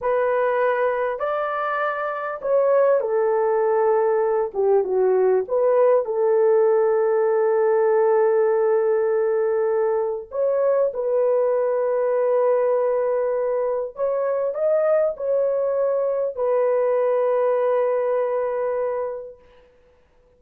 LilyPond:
\new Staff \with { instrumentName = "horn" } { \time 4/4 \tempo 4 = 99 b'2 d''2 | cis''4 a'2~ a'8 g'8 | fis'4 b'4 a'2~ | a'1~ |
a'4 cis''4 b'2~ | b'2. cis''4 | dis''4 cis''2 b'4~ | b'1 | }